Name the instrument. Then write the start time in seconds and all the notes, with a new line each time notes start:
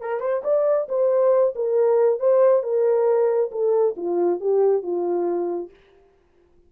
horn
0.00 A#4
0.20 C5
0.44 D5
0.88 C5
1.55 A#4
2.19 C5
2.63 A#4
3.51 A4
3.96 F4
4.40 G4
4.82 F4